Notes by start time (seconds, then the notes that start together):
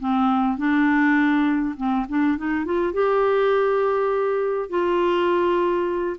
0.00 C4
0.58 D4
1.77 C4
2.09 D4
2.38 D#4
2.65 F4
2.94 G4
4.70 F4